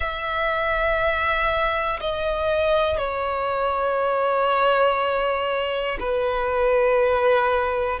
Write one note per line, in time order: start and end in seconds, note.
0.00 2.00 E5
2.00 2.98 D#5
2.98 5.98 C#5
5.99 7.99 B4